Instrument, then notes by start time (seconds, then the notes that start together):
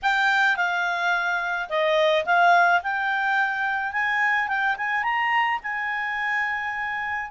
clarinet
0.02 G5
0.56 F5
1.69 D#5
2.25 F5
2.82 G5
3.92 G#5
4.48 G5
4.77 G#5
5.03 A#5
5.62 G#5